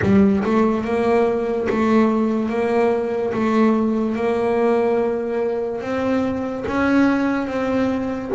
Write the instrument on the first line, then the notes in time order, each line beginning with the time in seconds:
double bass
0.02 G3
0.44 A3
0.84 A#3
1.69 A3
2.49 A#3
3.33 A3
4.15 A#3
5.81 C4
6.67 C#4
7.47 C4